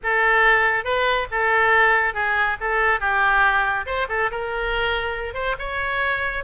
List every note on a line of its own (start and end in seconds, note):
0.03 0.84 A4
0.84 1.27 B4
1.31 2.14 A4
2.14 2.57 G#4
2.60 3.00 A4
3.00 3.85 G4
3.86 4.07 C5
4.08 4.30 A4
4.31 5.34 A#4
5.34 5.55 C5
5.58 6.44 C#5